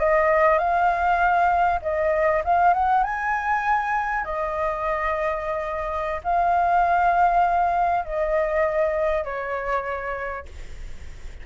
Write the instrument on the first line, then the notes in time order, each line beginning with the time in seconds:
flute
0.00 D#5
0.59 F5
1.82 D#5
2.44 F5
2.74 F#5
3.04 G#5
4.25 D#5
6.24 F5
8.05 D#5
9.25 C#5